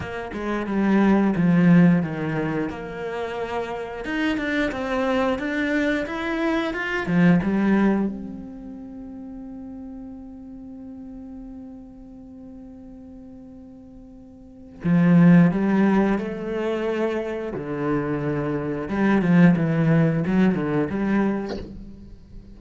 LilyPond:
\new Staff \with { instrumentName = "cello" } { \time 4/4 \tempo 4 = 89 ais8 gis8 g4 f4 dis4 | ais2 dis'8 d'8 c'4 | d'4 e'4 f'8 f8 g4 | c'1~ |
c'1~ | c'2 f4 g4 | a2 d2 | g8 f8 e4 fis8 d8 g4 | }